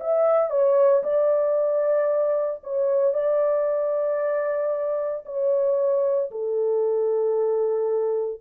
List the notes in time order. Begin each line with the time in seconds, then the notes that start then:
0.00 E5
0.50 C#5
1.03 D5
2.63 C#5
3.14 D5
5.25 C#5
6.31 A4